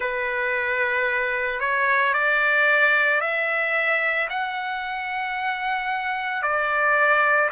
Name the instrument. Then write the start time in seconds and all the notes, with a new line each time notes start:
trumpet
0.00 B4
1.60 C#5
2.13 D5
3.20 E5
4.29 F#5
6.42 D5